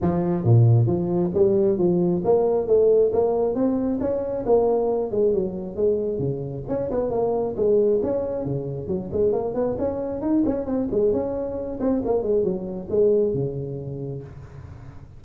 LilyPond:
\new Staff \with { instrumentName = "tuba" } { \time 4/4 \tempo 4 = 135 f4 ais,4 f4 g4 | f4 ais4 a4 ais4 | c'4 cis'4 ais4. gis8 | fis4 gis4 cis4 cis'8 b8 |
ais4 gis4 cis'4 cis4 | fis8 gis8 ais8 b8 cis'4 dis'8 cis'8 | c'8 gis8 cis'4. c'8 ais8 gis8 | fis4 gis4 cis2 | }